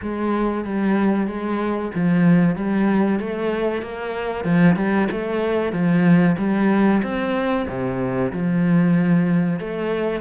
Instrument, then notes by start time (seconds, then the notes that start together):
cello
0.02 G#3
0.64 G3
1.27 G#3
1.94 F3
2.55 G3
3.19 A3
3.82 A#3
4.44 F3
4.76 G3
5.11 A3
5.72 F3
6.38 G3
7.02 C4
7.68 C3
8.32 F3
9.59 A3